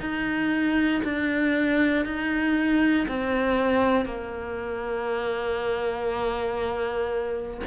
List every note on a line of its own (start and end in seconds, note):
0.00 1.02 D#4
1.04 2.05 D4
2.05 3.07 D#4
3.08 4.05 C4
4.05 7.61 A#3